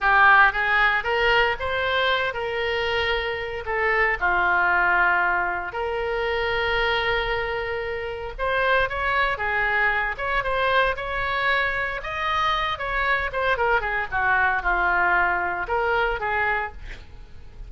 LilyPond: \new Staff \with { instrumentName = "oboe" } { \time 4/4 \tempo 4 = 115 g'4 gis'4 ais'4 c''4~ | c''8 ais'2~ ais'8 a'4 | f'2. ais'4~ | ais'1 |
c''4 cis''4 gis'4. cis''8 | c''4 cis''2 dis''4~ | dis''8 cis''4 c''8 ais'8 gis'8 fis'4 | f'2 ais'4 gis'4 | }